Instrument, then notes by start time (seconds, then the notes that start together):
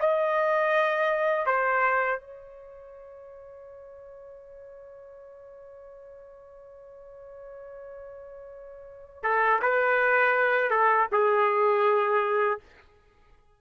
trumpet
0.00 D#5
1.46 C5
2.20 C#5
9.23 A4
9.62 B4
10.70 A4
11.12 G#4